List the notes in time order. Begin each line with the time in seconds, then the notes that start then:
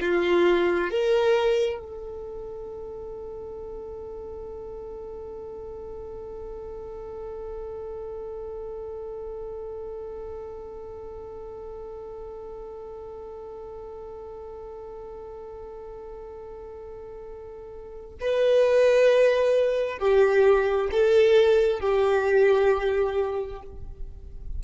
0.00 F4
0.90 A#4
1.79 A4
18.20 B4
19.98 G4
20.91 A4
21.80 G4